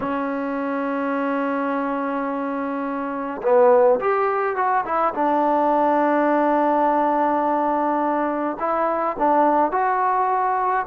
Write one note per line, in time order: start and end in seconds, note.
0.00 3.41 C#4
3.42 3.99 B3
4.00 4.56 G4
4.56 4.84 F#4
4.85 5.13 E4
5.14 8.57 D4
8.59 9.16 E4
9.18 9.71 D4
9.71 10.85 F#4